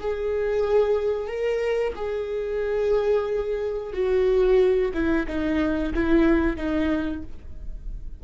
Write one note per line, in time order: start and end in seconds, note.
0.00 1.28 G#4
1.28 1.94 A#4
1.95 3.93 G#4
3.93 4.92 F#4
4.94 5.27 E4
5.28 5.94 D#4
5.94 6.57 E4
6.57 7.23 D#4